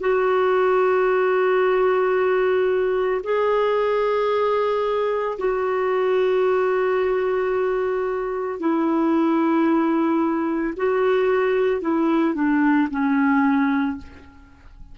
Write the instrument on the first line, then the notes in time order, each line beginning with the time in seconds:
clarinet
0.00 F#4
3.24 G#4
5.39 F#4
8.60 E4
10.77 F#4
11.81 E4
12.35 D4
12.91 C#4